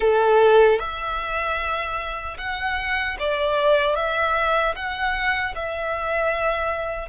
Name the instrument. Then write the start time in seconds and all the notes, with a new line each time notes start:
violin
0.00 A4
0.79 E5
2.37 F#5
3.19 D5
3.95 E5
4.75 F#5
5.55 E5